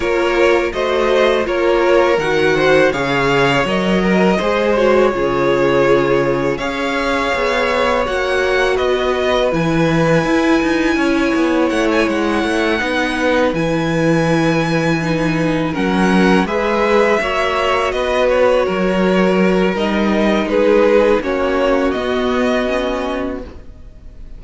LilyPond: <<
  \new Staff \with { instrumentName = "violin" } { \time 4/4 \tempo 4 = 82 cis''4 dis''4 cis''4 fis''4 | f''4 dis''4. cis''4.~ | cis''4 f''2 fis''4 | dis''4 gis''2. |
fis''16 gis''16 fis''2 gis''4.~ | gis''4. fis''4 e''4.~ | e''8 dis''8 cis''2 dis''4 | b'4 cis''4 dis''2 | }
  \new Staff \with { instrumentName = "violin" } { \time 4/4 ais'4 c''4 ais'4. c''8 | cis''4. ais'8 c''4 gis'4~ | gis'4 cis''2. | b'2. cis''4~ |
cis''4. b'2~ b'8~ | b'4. ais'4 b'4 cis''8~ | cis''8 b'4 ais'2~ ais'8 | gis'4 fis'2. | }
  \new Staff \with { instrumentName = "viola" } { \time 4/4 f'4 fis'4 f'4 fis'4 | gis'4 ais'4 gis'8 fis'8 f'4~ | f'4 gis'2 fis'4~ | fis'4 e'2.~ |
e'4. dis'4 e'4.~ | e'8 dis'4 cis'4 gis'4 fis'8~ | fis'2. dis'4~ | dis'4 cis'4 b4 cis'4 | }
  \new Staff \with { instrumentName = "cello" } { \time 4/4 ais4 a4 ais4 dis4 | cis4 fis4 gis4 cis4~ | cis4 cis'4 b4 ais4 | b4 e4 e'8 dis'8 cis'8 b8 |
a8 gis8 a8 b4 e4.~ | e4. fis4 gis4 ais8~ | ais8 b4 fis4. g4 | gis4 ais4 b2 | }
>>